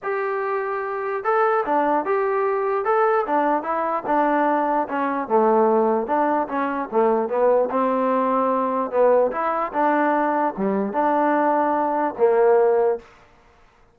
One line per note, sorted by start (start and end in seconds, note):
0.02 1.24 G4
1.24 1.64 A4
1.65 2.05 D4
2.05 2.85 G4
2.85 3.25 A4
3.26 3.62 D4
3.62 4.03 E4
4.06 4.87 D4
4.88 5.28 C#4
5.28 6.07 A3
6.07 6.47 D4
6.48 6.88 C#4
6.91 7.28 A3
7.28 7.69 B3
7.70 8.90 C4
8.90 9.31 B3
9.31 9.72 E4
9.72 10.54 D4
10.57 10.93 G3
10.93 12.14 D4
12.18 12.99 A#3